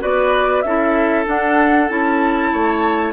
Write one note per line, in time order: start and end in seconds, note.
0.00 0.64 B3
0.00 0.62 F#4
0.00 0.64 B4
0.00 0.61 D5
0.61 1.26 C#4
0.61 1.25 E4
0.61 2.52 A4
0.61 1.24 E5
1.25 1.88 D4
1.25 1.89 D4
1.25 1.89 F#5
1.88 2.52 C#4
1.88 3.12 E4
1.88 3.12 A5
2.52 3.12 A3
2.52 3.12 C#5